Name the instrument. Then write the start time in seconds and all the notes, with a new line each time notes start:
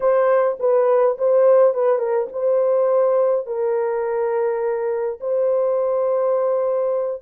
horn
0.00 C5
0.59 B4
1.17 C5
1.73 B4
1.98 A#4
2.32 C5
3.46 A#4
5.20 C5